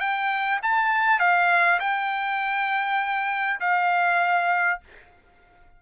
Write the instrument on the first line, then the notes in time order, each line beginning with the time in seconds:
trumpet
0.00 G5
0.63 A5
1.19 F5
1.80 G5
3.60 F5